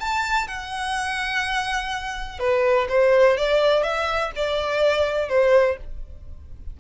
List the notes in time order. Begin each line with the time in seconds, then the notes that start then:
0.00 A5
0.48 F#5
2.40 B4
2.89 C5
3.37 D5
3.83 E5
4.36 D5
5.29 C5